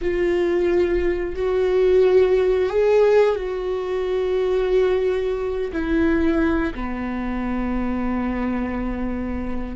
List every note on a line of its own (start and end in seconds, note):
0.01 1.35 F4
1.35 2.69 F#4
2.69 3.35 G#4
3.35 5.71 F#4
5.72 6.73 E4
6.74 9.75 B3